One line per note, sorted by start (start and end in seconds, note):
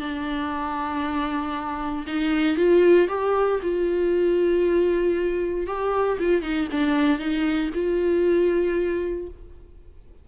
0.00 2.05 D4
2.07 2.57 D#4
2.57 3.08 F4
3.09 3.60 G4
3.63 5.67 F4
5.67 6.18 G4
6.19 6.42 F4
6.42 6.68 D#4
6.71 7.19 D4
7.19 7.70 D#4
7.74 9.28 F4